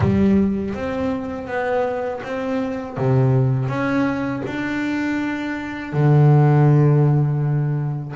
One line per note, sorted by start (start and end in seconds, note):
0.00 0.74 G3
0.74 1.47 C4
1.47 2.21 B3
2.23 2.97 C4
2.97 3.68 C3
3.68 4.42 C#4
4.46 5.92 D4
5.92 8.14 D3